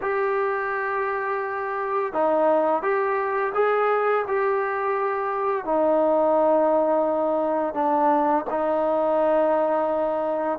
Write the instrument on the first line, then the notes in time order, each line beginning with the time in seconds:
trombone
0.01 G4
2.13 D#4
2.82 G4
3.54 G#4
4.27 G4
5.65 D#4
7.74 D4
8.49 D#4